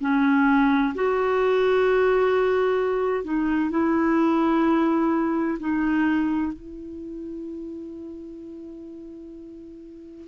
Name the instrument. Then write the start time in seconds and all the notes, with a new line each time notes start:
clarinet
0.00 C#4
0.95 F#4
3.23 D#4
3.70 E4
5.59 D#4
6.53 E4